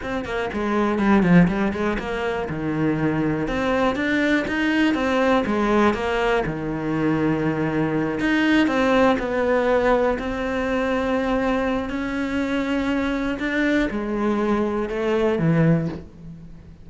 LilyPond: \new Staff \with { instrumentName = "cello" } { \time 4/4 \tempo 4 = 121 c'8 ais8 gis4 g8 f8 g8 gis8 | ais4 dis2 c'4 | d'4 dis'4 c'4 gis4 | ais4 dis2.~ |
dis8 dis'4 c'4 b4.~ | b8 c'2.~ c'8 | cis'2. d'4 | gis2 a4 e4 | }